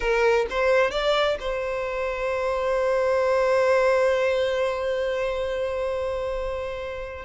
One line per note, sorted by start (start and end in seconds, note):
0.00 0.46 A#4
0.49 0.90 C5
0.90 1.37 D5
1.40 7.25 C5